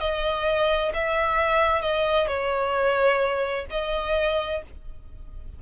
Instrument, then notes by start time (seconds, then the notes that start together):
violin
0.00 D#5
0.94 E5
1.82 D#5
2.28 C#5
3.70 D#5